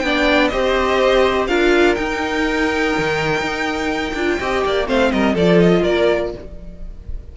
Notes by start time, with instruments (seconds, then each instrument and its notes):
0.00 cello B3, viola D4, violin G5
0.06 violin D5
0.49 cello C4, viola G4, violin C5 D#5
1.48 cello D4, viola F4, violin A#4 F5
1.95 viola D#4, cello D#4, violin G5
2.98 cello D#3
3.41 cello D#4
4.15 cello D4, viola F4
4.40 cello C4, viola G4, violin D#5
4.66 cello A#3, violin D5
4.86 cello A3, viola C4, violin C5 F5
5.12 cello G3, violin A#4 D#5
5.35 cello F3, viola F4, violin A4 D5
5.61 violin D#5
5.82 cello A#3, violin A#4 D5